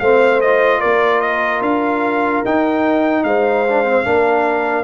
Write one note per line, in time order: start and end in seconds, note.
0.00 0.82 A3
0.00 0.44 C4
0.00 0.80 C5
0.00 0.41 F5
0.41 2.46 F4
0.41 0.81 D#5
0.80 1.62 A#3
0.80 3.24 A#4
0.80 1.21 D5
1.21 1.62 D#5
1.62 2.43 D4
1.62 2.44 F5
2.45 3.24 D#4
2.45 3.67 D#4
2.45 3.24 G5
3.24 4.05 G#3
3.24 4.06 C5
3.24 4.84 F5
3.68 3.85 D4
3.85 4.05 C4
4.05 4.84 A#3
4.05 4.84 D4
4.05 4.84 A#4